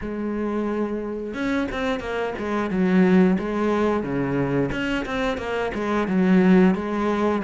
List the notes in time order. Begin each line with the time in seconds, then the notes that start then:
0.01 G#3
1.34 C#4
1.71 C4
1.99 A#3
2.38 G#3
2.70 F#3
3.38 G#3
4.03 C#3
4.71 C#4
5.05 C4
5.37 A#3
5.74 G#3
6.07 F#3
6.74 G#3